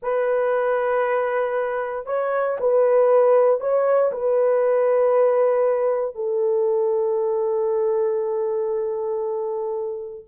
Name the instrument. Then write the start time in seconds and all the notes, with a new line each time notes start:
horn
0.02 B4
2.06 C#5
2.60 B4
3.60 C#5
4.12 B4
6.15 A4